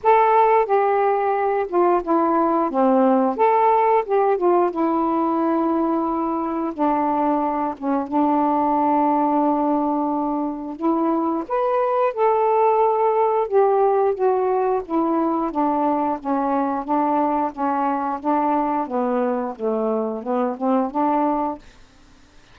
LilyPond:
\new Staff \with { instrumentName = "saxophone" } { \time 4/4 \tempo 4 = 89 a'4 g'4. f'8 e'4 | c'4 a'4 g'8 f'8 e'4~ | e'2 d'4. cis'8 | d'1 |
e'4 b'4 a'2 | g'4 fis'4 e'4 d'4 | cis'4 d'4 cis'4 d'4 | b4 a4 b8 c'8 d'4 | }